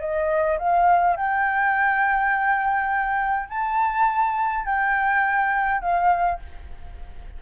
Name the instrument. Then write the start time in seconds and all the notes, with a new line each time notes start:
flute
0.00 D#5
0.58 F5
1.16 G5
3.49 A5
4.65 G5
5.81 F5